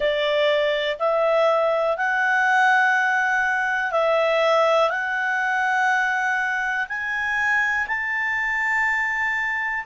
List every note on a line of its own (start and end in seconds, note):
0.00 0.97 D5
0.99 1.97 E5
1.97 3.91 F#5
3.91 4.90 E5
4.90 6.86 F#5
6.89 7.87 G#5
7.87 9.84 A5